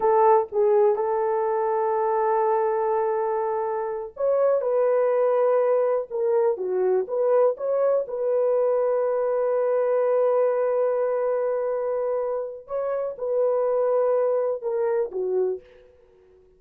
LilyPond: \new Staff \with { instrumentName = "horn" } { \time 4/4 \tempo 4 = 123 a'4 gis'4 a'2~ | a'1~ | a'8 cis''4 b'2~ b'8~ | b'8 ais'4 fis'4 b'4 cis''8~ |
cis''8 b'2.~ b'8~ | b'1~ | b'2 cis''4 b'4~ | b'2 ais'4 fis'4 | }